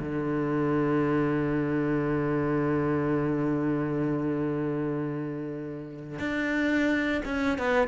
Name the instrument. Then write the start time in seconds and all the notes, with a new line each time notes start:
cello
0.00 D3
6.19 D4
7.25 C#4
7.59 B3